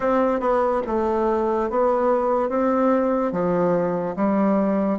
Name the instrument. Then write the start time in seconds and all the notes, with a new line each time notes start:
bassoon
0.00 C4
0.39 B3
0.86 A3
1.70 B3
2.48 C4
3.31 F3
4.16 G3